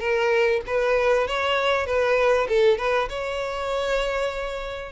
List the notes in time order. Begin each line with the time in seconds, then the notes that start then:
0.00 A#4
0.67 B4
1.28 C#5
1.86 B4
2.49 A4
2.78 B4
3.09 C#5